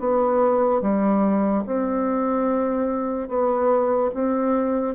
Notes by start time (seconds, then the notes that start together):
0.00 B3
0.82 G3
1.67 C4
3.29 B3
4.15 C4